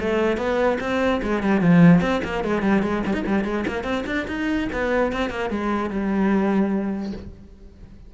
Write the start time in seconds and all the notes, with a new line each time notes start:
0.00 A3
0.37 B3
0.80 C4
1.22 G#3
1.42 G3
1.61 F3
2.01 C4
2.24 A#3
2.44 G#3
2.62 G3
2.82 G#3
3.06 G3
3.13 D#4
3.26 G3
3.44 G#3
3.67 A#3
3.83 C4
4.06 D4
4.27 D#4
4.72 B3
5.12 C4
5.30 A#3
5.50 G#3
5.90 G3